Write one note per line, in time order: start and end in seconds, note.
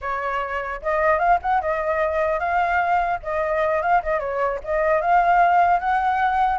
0.01 0.81 C#5
0.81 1.18 D#5
1.18 1.38 F5
1.41 1.61 F#5
1.61 2.39 D#5
2.39 3.19 F5
3.22 3.81 D#5
3.81 4.01 F5
4.02 4.19 D#5
4.19 4.59 C#5
4.63 5.01 D#5
5.01 5.79 F5
5.79 6.59 F#5